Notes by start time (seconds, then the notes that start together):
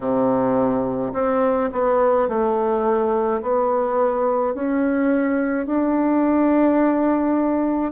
0.00 C3
1.13 C4
1.72 B3
2.28 A3
3.42 B3
4.54 C#4
5.66 D4